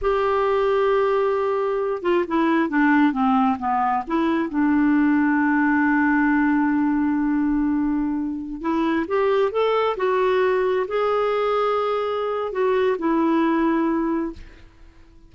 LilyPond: \new Staff \with { instrumentName = "clarinet" } { \time 4/4 \tempo 4 = 134 g'1~ | g'8 f'8 e'4 d'4 c'4 | b4 e'4 d'2~ | d'1~ |
d'2.~ d'16 e'8.~ | e'16 g'4 a'4 fis'4.~ fis'16~ | fis'16 gis'2.~ gis'8. | fis'4 e'2. | }